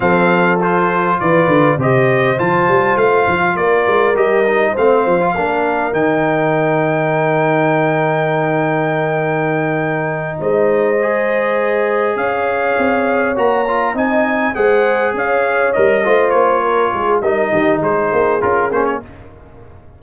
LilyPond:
<<
  \new Staff \with { instrumentName = "trumpet" } { \time 4/4 \tempo 4 = 101 f''4 c''4 d''4 dis''4 | a''4 f''4 d''4 dis''4 | f''2 g''2~ | g''1~ |
g''4. dis''2~ dis''8~ | dis''8 f''2 ais''4 gis''8~ | gis''8 fis''4 f''4 dis''4 cis''8~ | cis''4 dis''4 c''4 ais'8 c''16 cis''16 | }
  \new Staff \with { instrumentName = "horn" } { \time 4/4 a'2 b'4 c''4~ | c''2 ais'2 | c''4 ais'2.~ | ais'1~ |
ais'4. c''2~ c''8~ | c''8 cis''2. dis''8~ | dis''8 c''4 cis''4. c''4 | ais'8 gis'8 ais'8 g'8 gis'2 | }
  \new Staff \with { instrumentName = "trombone" } { \time 4/4 c'4 f'2 g'4 | f'2. g'8 dis'8 | c'8. f'16 d'4 dis'2~ | dis'1~ |
dis'2~ dis'8 gis'4.~ | gis'2~ gis'8 fis'8 f'8 dis'8~ | dis'8 gis'2 ais'8 f'4~ | f'4 dis'2 f'8 cis'8 | }
  \new Staff \with { instrumentName = "tuba" } { \time 4/4 f2 e8 d8 c4 | f8 g8 a8 f8 ais8 gis8 g4 | a8 f8 ais4 dis2~ | dis1~ |
dis4. gis2~ gis8~ | gis8 cis'4 c'4 ais4 c'8~ | c'8 gis4 cis'4 g8 a8 ais8~ | ais8 gis8 g8 dis8 gis8 ais8 cis'8 ais8 | }
>>